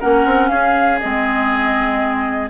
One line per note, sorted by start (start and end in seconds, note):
0.00 0.26 A#3
0.00 1.00 C#4
0.00 0.50 A#4
0.00 0.49 F#5
0.26 0.51 C4
0.49 1.01 C#4
0.49 2.50 G#4
0.49 0.99 F5
1.00 2.50 G#3
1.00 2.50 C4
1.00 2.50 D#5